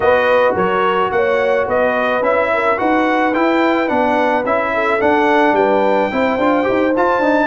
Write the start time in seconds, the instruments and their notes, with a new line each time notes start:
0.00 tuba B3, trombone F#4, horn B4, trumpet D#5
0.54 tuba F#3, horn A#4, trumpet C#5
1.11 tuba A#3, horn C#5, trumpet F#5
1.67 tuba B3, horn B4, trumpet D#5
2.21 tuba C#4, trombone E4, trumpet E5
2.53 horn A#4
2.77 tuba D#4, trombone F#4, horn B4, trumpet F#5
3.33 trombone E4, tuba E4, trumpet G5
3.87 tuba B3, trombone D4, trumpet F#5
4.44 tuba C#4, trombone E4, trumpet E5
4.74 horn A4
5.00 trombone D4, tuba D4, trumpet F#5
5.52 tuba G3, horn B4, trumpet G5
6.11 tuba C4, trombone E4, horn C5
6.37 tuba D4, trombone F4
6.63 tuba D#4, trombone G4
6.96 tuba F4, trombone F4, trumpet A5
7.19 tuba D4, trombone D#4